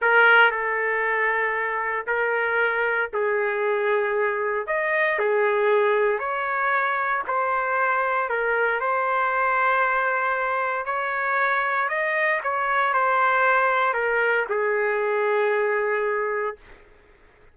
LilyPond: \new Staff \with { instrumentName = "trumpet" } { \time 4/4 \tempo 4 = 116 ais'4 a'2. | ais'2 gis'2~ | gis'4 dis''4 gis'2 | cis''2 c''2 |
ais'4 c''2.~ | c''4 cis''2 dis''4 | cis''4 c''2 ais'4 | gis'1 | }